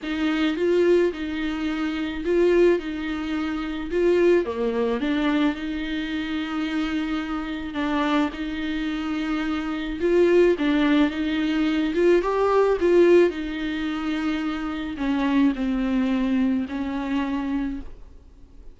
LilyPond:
\new Staff \with { instrumentName = "viola" } { \time 4/4 \tempo 4 = 108 dis'4 f'4 dis'2 | f'4 dis'2 f'4 | ais4 d'4 dis'2~ | dis'2 d'4 dis'4~ |
dis'2 f'4 d'4 | dis'4. f'8 g'4 f'4 | dis'2. cis'4 | c'2 cis'2 | }